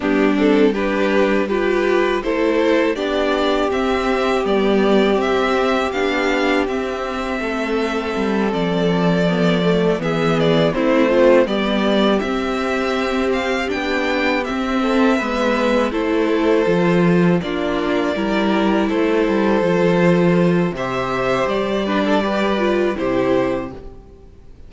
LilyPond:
<<
  \new Staff \with { instrumentName = "violin" } { \time 4/4 \tempo 4 = 81 g'8 a'8 b'4 g'4 c''4 | d''4 e''4 d''4 e''4 | f''4 e''2~ e''8 d''8~ | d''4. e''8 d''8 c''4 d''8~ |
d''8 e''4. f''8 g''4 e''8~ | e''4. c''2 d''8~ | d''4. c''2~ c''8 | e''4 d''2 c''4 | }
  \new Staff \with { instrumentName = "violin" } { \time 4/4 d'4 g'4 b'4 a'4 | g'1~ | g'2 a'2~ | a'4. gis'4 e'8 c'8 g'8~ |
g'1 | a'8 b'4 a'2 f'8~ | f'8 ais'4 a'2~ a'8 | c''4. b'16 a'16 b'4 g'4 | }
  \new Staff \with { instrumentName = "viola" } { \time 4/4 b8 c'8 d'4 f'4 e'4 | d'4 c'4 b4 c'4 | d'4 c'2.~ | c'8 b8 a8 b4 c'8 f'8 b8~ |
b8 c'2 d'4 c'8~ | c'8 b4 e'4 f'4 d'8~ | d'8 e'2 f'4. | g'4. d'8 g'8 f'8 e'4 | }
  \new Staff \with { instrumentName = "cello" } { \time 4/4 g2. a4 | b4 c'4 g4 c'4 | b4 c'4 a4 g8 f8~ | f4. e4 a4 g8~ |
g8 c'2 b4 c'8~ | c'8 gis4 a4 f4 ais8~ | ais8 g4 a8 g8 f4. | c4 g2 c4 | }
>>